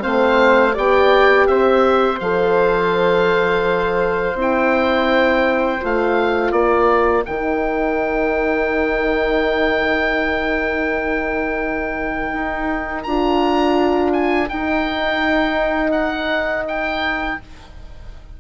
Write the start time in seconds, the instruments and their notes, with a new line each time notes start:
0.00 bassoon A3, horn C4, flute C5, oboe F5
0.72 bassoon B3, horn G4, flute D5, oboe G5
1.47 bassoon C4, flute C5, oboe E5
2.20 bassoon F3, horn A4, oboe F5
4.35 bassoon C4, horn E4
4.41 oboe G5
5.81 bassoon A3, horn F4, oboe F5
6.52 bassoon A#3, flute A#4, oboe D5
7.25 bassoon D#3, horn D#4, oboe G5
12.33 bassoon D#4
13.03 bassoon D4, horn F4, oboe A#5
14.13 oboe G#5
14.49 horn D#4, bassoon D#4, oboe G5
15.91 oboe F#5
16.68 oboe G5